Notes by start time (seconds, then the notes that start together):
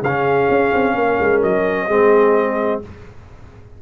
0.00 C#3 G#4 F5
0.07 C#4
0.49 C#4
0.73 C4
0.94 A#3 A#4
1.19 G#3
1.42 F#3 D#5
1.86 G#3 C4 G#4